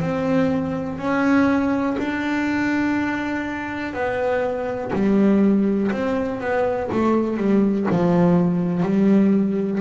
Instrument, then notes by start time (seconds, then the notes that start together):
double bass
0.00 C4
0.98 C#4
1.98 D4
3.93 B3
4.93 G3
5.92 C4
6.40 B3
6.92 A3
7.37 G3
7.90 F3
8.83 G3